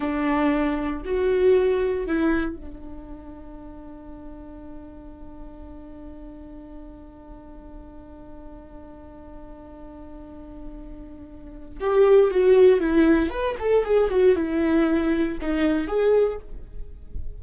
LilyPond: \new Staff \with { instrumentName = "viola" } { \time 4/4 \tempo 4 = 117 d'2 fis'2 | e'4 d'2.~ | d'1~ | d'1~ |
d'1~ | d'2. g'4 | fis'4 e'4 b'8 a'8 gis'8 fis'8 | e'2 dis'4 gis'4 | }